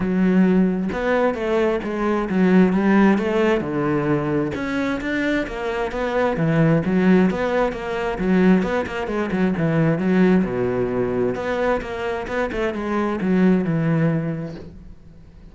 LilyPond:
\new Staff \with { instrumentName = "cello" } { \time 4/4 \tempo 4 = 132 fis2 b4 a4 | gis4 fis4 g4 a4 | d2 cis'4 d'4 | ais4 b4 e4 fis4 |
b4 ais4 fis4 b8 ais8 | gis8 fis8 e4 fis4 b,4~ | b,4 b4 ais4 b8 a8 | gis4 fis4 e2 | }